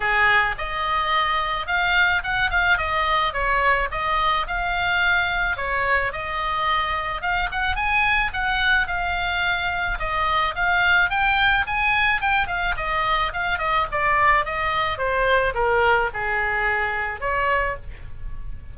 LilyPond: \new Staff \with { instrumentName = "oboe" } { \time 4/4 \tempo 4 = 108 gis'4 dis''2 f''4 | fis''8 f''8 dis''4 cis''4 dis''4 | f''2 cis''4 dis''4~ | dis''4 f''8 fis''8 gis''4 fis''4 |
f''2 dis''4 f''4 | g''4 gis''4 g''8 f''8 dis''4 | f''8 dis''8 d''4 dis''4 c''4 | ais'4 gis'2 cis''4 | }